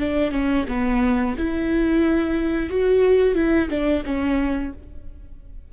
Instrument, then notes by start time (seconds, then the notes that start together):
viola
0.00 D4
0.32 C#4
0.69 B3
1.38 E4
2.70 F#4
3.36 E4
3.70 D4
4.06 C#4